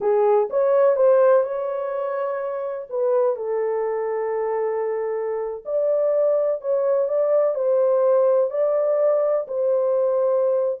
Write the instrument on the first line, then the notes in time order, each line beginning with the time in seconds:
horn
0.00 G#4
0.49 C#5
0.96 C5
1.43 C#5
2.89 B4
3.36 A4
5.65 D5
6.61 C#5
7.08 D5
7.54 C5
8.50 D5
9.47 C5